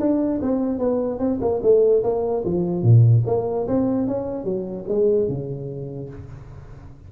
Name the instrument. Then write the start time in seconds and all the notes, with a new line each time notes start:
tuba
0.00 D4
0.42 C4
0.79 B3
1.19 C4
1.41 A#3
1.63 A3
2.03 A#3
2.45 F3
2.83 A#2
3.26 A#3
3.68 C4
4.08 C#4
4.44 F#3
4.88 G#3
5.29 C#3